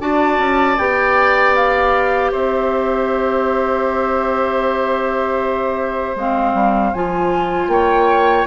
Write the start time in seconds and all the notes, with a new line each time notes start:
0.00 D4 F#4 D5 A5
0.39 C#4
0.78 B3 G4 G5
1.55 F5
2.32 C4 C5 E5
6.16 G#3 C4 F5
6.54 G3
6.94 F3 F4 G#5
7.68 A#3 C#5 G5